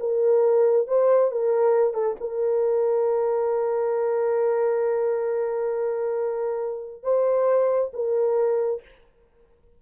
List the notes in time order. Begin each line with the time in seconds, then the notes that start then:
0.00 A#4
0.88 C5
1.31 A#4
1.94 A4
2.21 A#4
7.03 C5
7.94 A#4